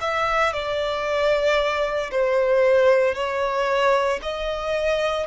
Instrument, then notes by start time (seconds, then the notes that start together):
violin
0.00 E5
0.53 D5
2.11 C5
3.14 C#5
4.22 D#5